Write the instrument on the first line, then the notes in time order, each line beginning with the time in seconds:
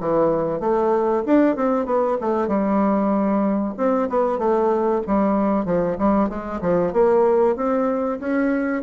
bassoon
0.00 E3
0.60 A3
1.26 D4
1.56 C4
1.86 B3
2.21 A3
2.48 G3
3.77 C4
4.09 B3
4.38 A3
5.07 G3
5.65 F3
5.99 G3
6.29 G#3
6.61 F3
6.93 A#3
7.56 C4
8.20 C#4